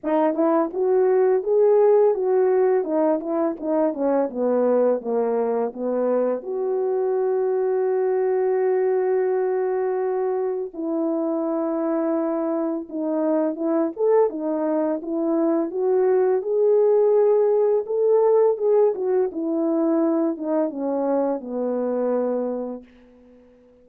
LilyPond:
\new Staff \with { instrumentName = "horn" } { \time 4/4 \tempo 4 = 84 dis'8 e'8 fis'4 gis'4 fis'4 | dis'8 e'8 dis'8 cis'8 b4 ais4 | b4 fis'2.~ | fis'2. e'4~ |
e'2 dis'4 e'8 a'8 | dis'4 e'4 fis'4 gis'4~ | gis'4 a'4 gis'8 fis'8 e'4~ | e'8 dis'8 cis'4 b2 | }